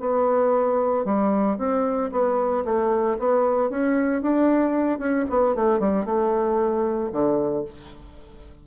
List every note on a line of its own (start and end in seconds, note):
0.00 1.05 B3
1.05 1.58 G3
1.58 2.11 C4
2.12 2.64 B3
2.65 3.17 A3
3.19 3.70 B3
3.70 4.22 C#4
4.22 4.99 D4
4.99 5.25 C#4
5.29 5.55 B3
5.55 5.80 A3
5.80 6.05 G3
6.05 7.11 A3
7.12 7.65 D3